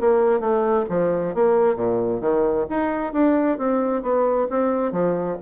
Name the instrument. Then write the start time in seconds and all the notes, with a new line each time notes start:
bassoon
0.00 A#3
0.40 A3
0.89 F3
1.35 A#3
1.76 A#2
2.21 D#3
2.70 D#4
3.13 D4
3.58 C4
4.02 B3
4.50 C4
4.92 F3